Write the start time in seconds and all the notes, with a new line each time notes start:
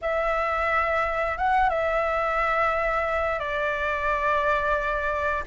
0.01 E5
1.37 F#5
1.69 E5
3.39 D5